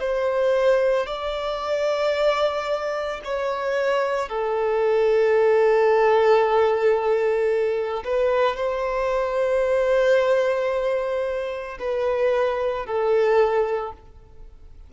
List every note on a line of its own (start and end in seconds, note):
0.00 1.06 C5
1.06 3.20 D5
3.24 4.29 C#5
4.29 8.04 A4
8.04 8.57 B4
8.57 11.78 C5
11.79 12.86 B4
12.86 13.93 A4